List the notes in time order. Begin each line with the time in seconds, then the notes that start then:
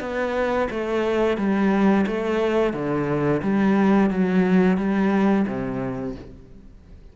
0.00 B3
0.70 A3
1.37 G3
2.06 A3
2.73 D3
3.42 G3
4.10 F#3
4.77 G3
5.47 C3